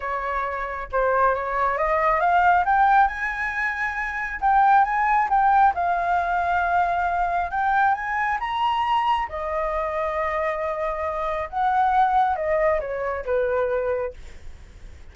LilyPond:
\new Staff \with { instrumentName = "flute" } { \time 4/4 \tempo 4 = 136 cis''2 c''4 cis''4 | dis''4 f''4 g''4 gis''4~ | gis''2 g''4 gis''4 | g''4 f''2.~ |
f''4 g''4 gis''4 ais''4~ | ais''4 dis''2.~ | dis''2 fis''2 | dis''4 cis''4 b'2 | }